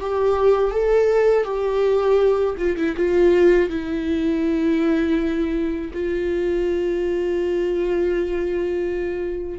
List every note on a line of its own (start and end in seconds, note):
0.00 0.71 G4
0.71 1.44 A4
1.44 2.55 G4
2.58 2.76 F4
2.76 2.95 E4
2.96 3.69 F4
3.69 5.91 E4
5.93 9.59 F4